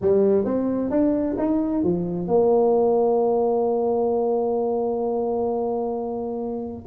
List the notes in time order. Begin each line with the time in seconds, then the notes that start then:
0.01 G3
0.44 C4
0.90 D4
1.37 D#4
1.83 F3
2.27 A#3